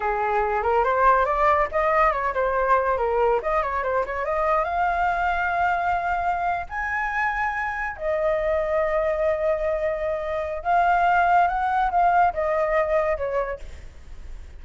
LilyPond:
\new Staff \with { instrumentName = "flute" } { \time 4/4 \tempo 4 = 141 gis'4. ais'8 c''4 d''4 | dis''4 cis''8 c''4. ais'4 | dis''8 cis''8 c''8 cis''8 dis''4 f''4~ | f''2.~ f''8. gis''16~ |
gis''2~ gis''8. dis''4~ dis''16~ | dis''1~ | dis''4 f''2 fis''4 | f''4 dis''2 cis''4 | }